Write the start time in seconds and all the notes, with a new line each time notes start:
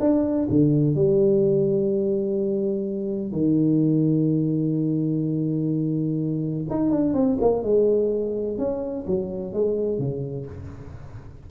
0.00 D4
0.50 D3
0.95 G3
3.32 D#3
6.70 D#4
6.91 D4
7.14 C4
7.41 A#3
7.63 G#3
8.58 C#4
9.07 F#3
9.53 G#3
9.98 C#3